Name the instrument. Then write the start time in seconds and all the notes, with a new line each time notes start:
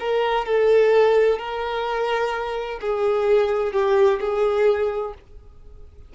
violin
0.00 A#4
0.46 A4
1.39 A#4
2.81 G#4
3.73 G4
4.20 G#4